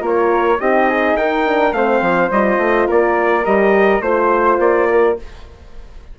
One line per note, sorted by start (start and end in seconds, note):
0.00 0.59 A#3
0.00 0.57 F4
0.00 0.58 A#4
0.07 0.60 C#5
0.60 1.15 C4
0.60 1.46 D#4
0.60 0.90 G4
0.60 1.17 D#5
0.90 1.18 G#4
1.15 1.72 D#4
1.15 1.75 A#4
1.15 1.74 G5
1.46 1.74 D4
1.73 2.01 A3
1.73 2.32 C4
1.73 2.88 C5
1.73 2.31 F5
2.02 2.30 F3
2.31 2.58 G3
2.31 3.45 F4
2.31 2.89 D#5
2.58 2.87 A3
2.88 3.46 A#3
2.88 4.02 A#4
2.88 3.46 D5
3.45 4.01 G3
3.45 4.02 G4
3.45 4.02 D#5
4.01 4.58 A3
4.01 5.18 F4
4.01 4.59 C5
4.01 4.88 C5
4.59 5.17 A#3
4.59 5.18 D5
4.91 5.19 A#4